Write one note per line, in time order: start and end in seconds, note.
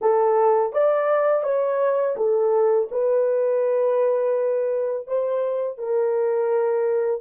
0.01 0.72 A4
0.72 1.43 D5
1.43 2.15 C#5
2.16 2.88 A4
2.91 5.07 B4
5.07 5.78 C5
5.78 7.21 A#4